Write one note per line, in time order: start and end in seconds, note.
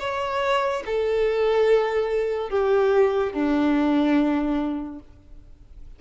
0.00 0.83 C#5
0.86 2.50 A4
2.50 3.33 G4
3.33 5.00 D4